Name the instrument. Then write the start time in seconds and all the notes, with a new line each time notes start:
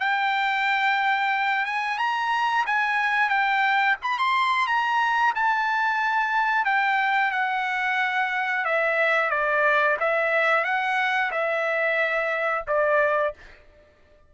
trumpet
0.00 G5
1.65 G#5
1.98 A#5
2.66 G#5
3.29 G5
4.02 B5
4.18 C6
4.67 A#5
5.35 A5
6.65 G5
7.32 F#5
8.65 E5
9.30 D5
10.00 E5
10.64 F#5
11.31 E5
12.67 D5